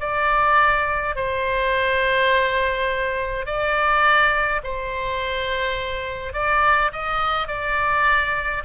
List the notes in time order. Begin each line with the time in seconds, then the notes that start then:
0.00 D5
1.16 C5
3.46 D5
4.64 C5
6.33 D5
6.92 D#5
7.48 D5